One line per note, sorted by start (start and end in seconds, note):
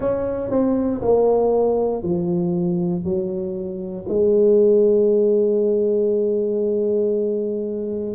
0.00 0.50 C#4
0.50 1.01 C4
1.01 2.02 A#3
2.02 3.04 F3
3.04 4.05 F#3
4.08 8.14 G#3